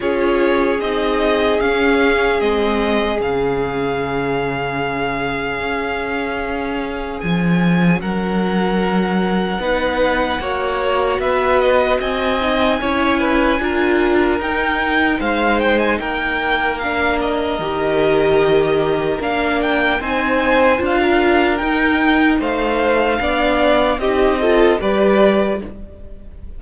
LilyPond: <<
  \new Staff \with { instrumentName = "violin" } { \time 4/4 \tempo 4 = 75 cis''4 dis''4 f''4 dis''4 | f''1~ | f''4 gis''4 fis''2~ | fis''2 e''8 dis''8 gis''4~ |
gis''2 g''4 f''8 g''16 gis''16 | g''4 f''8 dis''2~ dis''8 | f''8 g''8 gis''4 f''4 g''4 | f''2 dis''4 d''4 | }
  \new Staff \with { instrumentName = "violin" } { \time 4/4 gis'1~ | gis'1~ | gis'2 ais'2 | b'4 cis''4 b'4 dis''4 |
cis''8 b'8 ais'2 c''4 | ais'1~ | ais'4 c''4~ c''16 ais'4.~ ais'16 | c''4 d''4 g'8 a'8 b'4 | }
  \new Staff \with { instrumentName = "viola" } { \time 4/4 f'4 dis'4 cis'4 c'4 | cis'1~ | cis'1 | dis'4 fis'2~ fis'8 dis'8 |
e'4 f'4 dis'2~ | dis'4 d'4 g'2 | d'4 dis'4 f'4 dis'4~ | dis'4 d'4 dis'8 f'8 g'4 | }
  \new Staff \with { instrumentName = "cello" } { \time 4/4 cis'4 c'4 cis'4 gis4 | cis2. cis'4~ | cis'4 f4 fis2 | b4 ais4 b4 c'4 |
cis'4 d'4 dis'4 gis4 | ais2 dis2 | ais4 c'4 d'4 dis'4 | a4 b4 c'4 g4 | }
>>